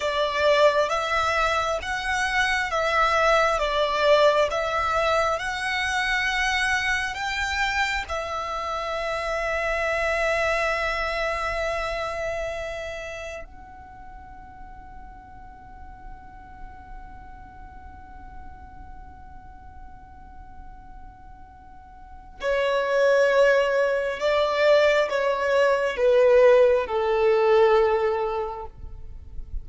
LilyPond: \new Staff \with { instrumentName = "violin" } { \time 4/4 \tempo 4 = 67 d''4 e''4 fis''4 e''4 | d''4 e''4 fis''2 | g''4 e''2.~ | e''2. fis''4~ |
fis''1~ | fis''1~ | fis''4 cis''2 d''4 | cis''4 b'4 a'2 | }